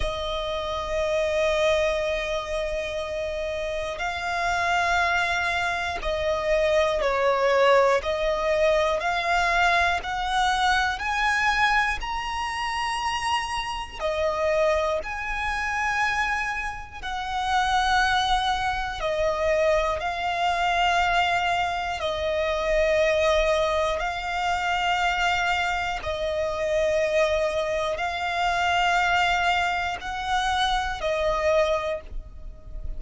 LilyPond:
\new Staff \with { instrumentName = "violin" } { \time 4/4 \tempo 4 = 60 dis''1 | f''2 dis''4 cis''4 | dis''4 f''4 fis''4 gis''4 | ais''2 dis''4 gis''4~ |
gis''4 fis''2 dis''4 | f''2 dis''2 | f''2 dis''2 | f''2 fis''4 dis''4 | }